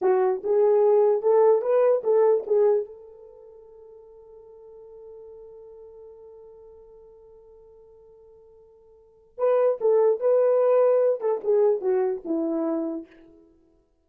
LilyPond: \new Staff \with { instrumentName = "horn" } { \time 4/4 \tempo 4 = 147 fis'4 gis'2 a'4 | b'4 a'4 gis'4 a'4~ | a'1~ | a'1~ |
a'1~ | a'2. b'4 | a'4 b'2~ b'8 a'8 | gis'4 fis'4 e'2 | }